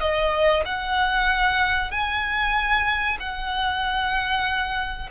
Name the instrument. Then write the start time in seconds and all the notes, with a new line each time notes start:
violin
0.00 D#5
0.65 F#5
1.91 G#5
3.20 F#5